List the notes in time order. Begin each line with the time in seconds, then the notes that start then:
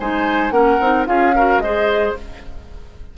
0.00 G#3 D#4 C5 G#5
0.51 A#3 C#4 A#4 F#5
0.80 C4 D#4
1.06 C#4 F4 G#4 F5
1.36 F#4 A#4
1.58 G#3 G#4 C5 D#5